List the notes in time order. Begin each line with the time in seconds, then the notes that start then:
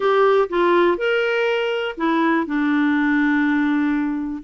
0.00 G4
0.49 F4
0.97 A#4
1.97 E4
2.46 D4